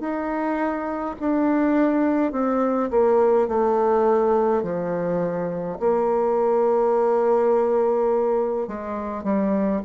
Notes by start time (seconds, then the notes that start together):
0.00 D#4
1.20 D4
2.32 C4
2.91 A#3
3.48 A3
4.63 F3
5.80 A#3
8.67 G#3
9.24 G3